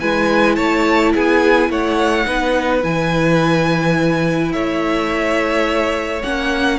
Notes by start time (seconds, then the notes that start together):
0.00 G#3 E4 B4 G#5
0.55 A3 C#5 A5
1.13 B3 G#4 G#5
1.69 A3 C#5 F#5
2.26 B3 D#4 B4
2.81 E3 E4 G#5
4.52 A3 C#5 E5
6.23 A#3 C#4 F#5